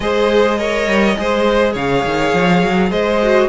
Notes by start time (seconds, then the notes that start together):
0.00 G#3 G#4 C5 D#5
0.58 A#4 C#5
0.86 G3
1.17 G#3 G#4 C5
1.72 C#3 C#5 F5
2.04 D#3
2.33 F3
2.62 F#3
2.90 G#3 C5 D#5
3.22 F#4